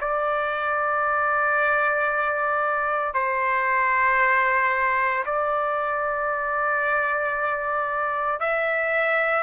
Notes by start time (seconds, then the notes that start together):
0.00 D5
3.13 C5
5.25 D5
8.40 E5